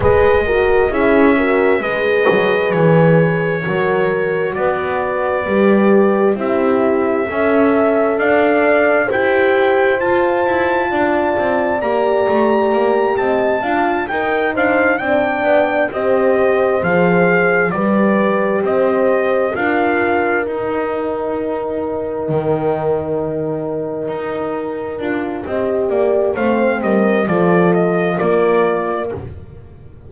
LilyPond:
<<
  \new Staff \with { instrumentName = "trumpet" } { \time 4/4 \tempo 4 = 66 dis''4 e''4 dis''4 cis''4~ | cis''4 d''2 e''4~ | e''4 f''4 g''4 a''4~ | a''4 ais''4. a''4 g''8 |
f''8 g''4 dis''4 f''4 d''8~ | d''8 dis''4 f''4 g''4.~ | g''1~ | g''4 f''8 dis''8 d''8 dis''8 d''4 | }
  \new Staff \with { instrumentName = "horn" } { \time 4/4 b'8 ais'8 gis'8 ais'8 b'2 | ais'4 b'2 g'4 | e''4 d''4 c''2 | d''2~ d''8 dis''8 f''8 ais'8 |
c''8 d''4 c''2 b'8~ | b'8 c''4 ais'2~ ais'8~ | ais'1 | dis''8 d''8 c''8 ais'8 a'4 ais'4 | }
  \new Staff \with { instrumentName = "horn" } { \time 4/4 gis'8 fis'8 e'8 fis'8 gis'2 | fis'2 g'4 e'4 | a'2 g'4 f'4~ | f'4 g'2 f'8 dis'8~ |
dis'8 d'4 g'4 gis'4 g'8~ | g'4. f'4 dis'4.~ | dis'2.~ dis'8 f'8 | g'4 c'4 f'2 | }
  \new Staff \with { instrumentName = "double bass" } { \time 4/4 gis4 cis'4 gis8 fis8 e4 | fis4 b4 g4 c'4 | cis'4 d'4 e'4 f'8 e'8 | d'8 c'8 ais8 a8 ais8 c'8 d'8 dis'8 |
d'8 c'8 b8 c'4 f4 g8~ | g8 c'4 d'4 dis'4.~ | dis'8 dis2 dis'4 d'8 | c'8 ais8 a8 g8 f4 ais4 | }
>>